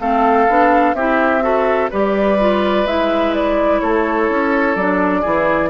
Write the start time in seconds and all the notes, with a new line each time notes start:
0.00 A3 C4 A4 F5
0.49 B3 D4
0.94 C4 E4 G4 E5
1.42 F#4 A4
1.91 G3 G4 B4 D5
2.40 F4
2.86 G#3 E4 E5
3.35 D5
3.81 A3 A4 C#5
4.30 C#4
4.76 F#3 D4 D5
5.22 E3 E4 G#4